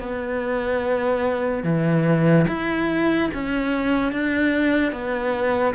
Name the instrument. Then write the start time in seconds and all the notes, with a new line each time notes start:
cello
0.00 B3
1.64 E3
2.48 E4
3.34 C#4
4.12 D4
4.92 B3